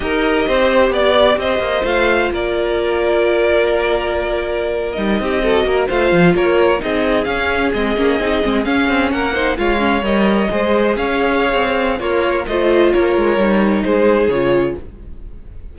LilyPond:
<<
  \new Staff \with { instrumentName = "violin" } { \time 4/4 \tempo 4 = 130 dis''2 d''4 dis''4 | f''4 d''2.~ | d''2~ d''8. dis''4~ dis''16~ | dis''8. f''4 cis''4 dis''4 f''16~ |
f''8. dis''2 f''4 fis''16~ | fis''8. f''4 dis''2 f''16~ | f''2 cis''4 dis''4 | cis''2 c''4 cis''4 | }
  \new Staff \with { instrumentName = "violin" } { \time 4/4 ais'4 c''4 d''4 c''4~ | c''4 ais'2.~ | ais'2.~ ais'16 g'8 a'16~ | a'16 ais'8 c''4 ais'4 gis'4~ gis'16~ |
gis'2.~ gis'8. ais'16~ | ais'16 c''8 cis''2 c''4 cis''16~ | cis''2 f'4 c''4 | ais'2 gis'2 | }
  \new Staff \with { instrumentName = "viola" } { \time 4/4 g'1 | f'1~ | f'2~ f'8. dis'4 fis'16~ | fis'8. f'2 dis'4 cis'16~ |
cis'8. c'8 cis'8 dis'8 c'8 cis'4~ cis'16~ | cis'16 dis'8 f'8 cis'8 ais'4 gis'4~ gis'16~ | gis'2 ais'4 f'4~ | f'4 dis'2 f'4 | }
  \new Staff \with { instrumentName = "cello" } { \time 4/4 dis'4 c'4 b4 c'8 ais8 | a4 ais2.~ | ais2~ ais8. g8 c'8.~ | c'16 ais8 a8 f8 ais4 c'4 cis'16~ |
cis'8. gis8 ais8 c'8 gis8 cis'8 c'8 ais16~ | ais8. gis4 g4 gis4 cis'16~ | cis'4 c'4 ais4 a4 | ais8 gis8 g4 gis4 cis4 | }
>>